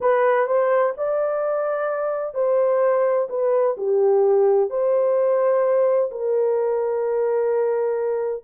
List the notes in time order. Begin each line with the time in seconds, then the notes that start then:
0.00 B4
0.46 C5
0.97 D5
2.34 C5
3.29 B4
3.77 G4
4.70 C5
6.11 A#4